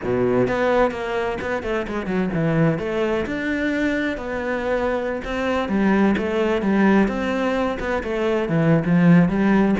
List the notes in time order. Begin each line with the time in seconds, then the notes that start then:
0.04 B2
0.47 B3
0.91 A#3
1.41 B3
1.63 A3
1.87 G#3
2.06 F#3
2.33 E3
2.79 A3
3.26 D4
4.17 B3
5.24 C4
5.68 G3
6.17 A3
6.62 G3
7.08 C4
7.79 B3
8.03 A3
8.48 E3
8.85 F3
9.29 G3